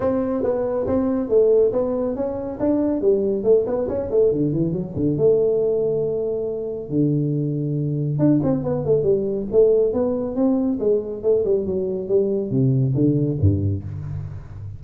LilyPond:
\new Staff \with { instrumentName = "tuba" } { \time 4/4 \tempo 4 = 139 c'4 b4 c'4 a4 | b4 cis'4 d'4 g4 | a8 b8 cis'8 a8 d8 e8 fis8 d8 | a1 |
d2. d'8 c'8 | b8 a8 g4 a4 b4 | c'4 gis4 a8 g8 fis4 | g4 c4 d4 g,4 | }